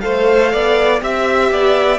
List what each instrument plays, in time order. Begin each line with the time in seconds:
0.00 cello A3, viola A4, violin C5 F5
0.52 cello B3, violin D5
1.00 cello C4, viola G4, violin E5
1.51 cello B3, violin D5